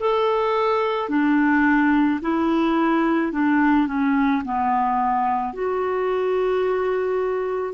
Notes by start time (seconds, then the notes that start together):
0.00 A4
1.10 D4
2.21 E4
3.32 D4
3.87 C#4
4.45 B3
5.54 F#4